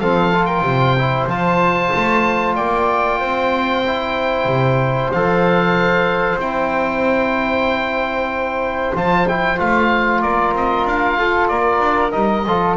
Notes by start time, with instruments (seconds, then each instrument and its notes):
0.00 double bass F3, trombone C4, flute A4, oboe F5
0.33 trombone F4
0.45 flute A#4, oboe G5
0.62 double bass C3, flute C5
0.98 trombone E4
1.27 double bass F3, trombone F4, oboe A5
1.95 double bass A3
2.55 double bass A#3, flute D5, oboe G5
3.20 double bass C4, flute C5
3.86 trombone E4
4.45 double bass C3
5.12 double bass F3, trombone A4, oboe F5
6.37 double bass C4, trombone E4, oboe G5
8.95 double bass F3, trombone F4, oboe A5
9.28 trombone E4, oboe G5
9.57 double bass A3, trombone F4, oboe F5
10.22 double bass A#3, flute A#4, oboe D5
10.53 double bass C4, oboe D#5
10.85 double bass D4, oboe F5
11.17 double bass F4, flute A4
11.48 double bass A#3, flute A#4, oboe D5
11.80 double bass D4
12.11 double bass G3, trombone D#4, oboe D#5
12.46 double bass F3, trombone F4, flute A4